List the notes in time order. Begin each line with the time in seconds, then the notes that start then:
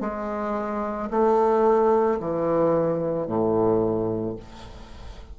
0.00 G#3
1.10 A3
2.19 E3
3.26 A2